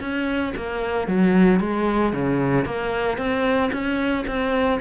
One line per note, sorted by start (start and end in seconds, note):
0.00 0.53 C#4
0.56 1.07 A#3
1.07 1.60 F#3
1.60 2.13 G#3
2.13 2.65 C#3
2.65 3.17 A#3
3.17 3.70 C4
3.72 4.25 C#4
4.27 4.80 C4